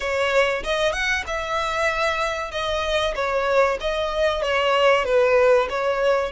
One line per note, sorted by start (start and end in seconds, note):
0.00 0.63 C#5
0.63 0.92 D#5
0.92 1.23 F#5
1.26 2.51 E5
2.51 3.14 D#5
3.15 3.78 C#5
3.80 4.42 D#5
4.42 5.04 C#5
5.04 5.68 B4
5.69 6.32 C#5